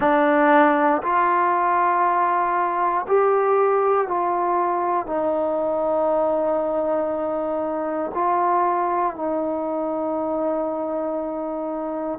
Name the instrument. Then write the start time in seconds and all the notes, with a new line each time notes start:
trombone
0.00 D4
1.02 F4
3.07 G4
4.07 F4
5.06 D#4
8.14 F4
9.15 D#4